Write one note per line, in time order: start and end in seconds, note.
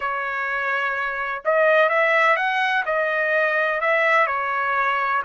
0.00 1.42 C#5
1.44 1.89 D#5
1.89 2.36 E5
2.36 2.83 F#5
2.85 3.81 D#5
3.81 4.27 E5
4.27 5.22 C#5